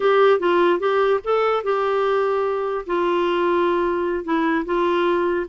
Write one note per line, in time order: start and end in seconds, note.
0.00 0.39 G4
0.39 0.79 F4
0.79 1.20 G4
1.24 1.63 A4
1.63 2.85 G4
2.86 4.24 F4
4.24 4.64 E4
4.65 5.46 F4